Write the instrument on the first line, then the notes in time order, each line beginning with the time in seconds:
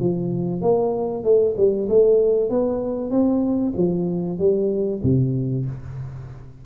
tuba
0.00 F3
0.61 A#3
1.24 A3
1.57 G3
1.89 A3
2.50 B3
3.11 C4
3.76 F3
4.39 G3
5.03 C3